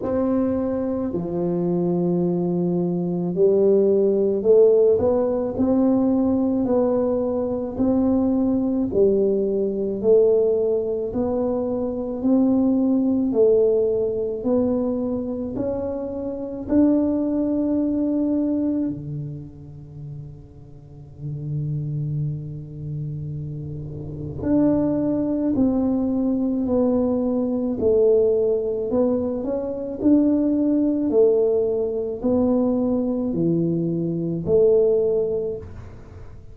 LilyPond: \new Staff \with { instrumentName = "tuba" } { \time 4/4 \tempo 4 = 54 c'4 f2 g4 | a8 b8 c'4 b4 c'4 | g4 a4 b4 c'4 | a4 b4 cis'4 d'4~ |
d'4 d2.~ | d2 d'4 c'4 | b4 a4 b8 cis'8 d'4 | a4 b4 e4 a4 | }